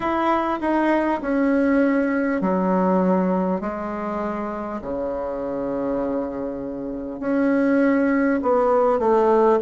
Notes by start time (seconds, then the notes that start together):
0.00 E4
0.60 D#4
1.21 C#4
2.41 F#3
3.60 G#3
4.81 C#3
7.20 C#4
8.42 B3
8.99 A3